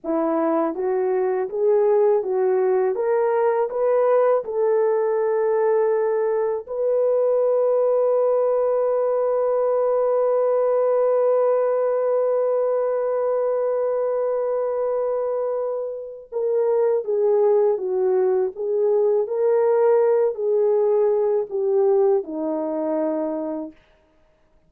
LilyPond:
\new Staff \with { instrumentName = "horn" } { \time 4/4 \tempo 4 = 81 e'4 fis'4 gis'4 fis'4 | ais'4 b'4 a'2~ | a'4 b'2.~ | b'1~ |
b'1~ | b'2 ais'4 gis'4 | fis'4 gis'4 ais'4. gis'8~ | gis'4 g'4 dis'2 | }